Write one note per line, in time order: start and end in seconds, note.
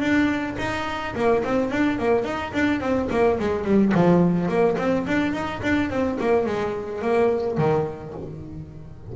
0.00 0.56 D4
0.59 1.15 D#4
1.15 1.43 A#3
1.44 1.71 C4
1.71 1.99 D4
1.99 2.25 A#3
2.25 2.53 D#4
2.53 2.81 D4
2.81 3.09 C4
3.11 3.39 A#3
3.40 3.64 G#3
3.64 3.93 G3
3.94 4.49 F3
4.49 4.77 A#3
4.78 5.06 C4
5.07 5.33 D4
5.33 5.61 D#4
5.62 5.90 D4
5.90 6.18 C4
6.20 6.46 A#3
6.46 7.02 G#3
7.02 7.58 A#3
7.58 8.14 D#3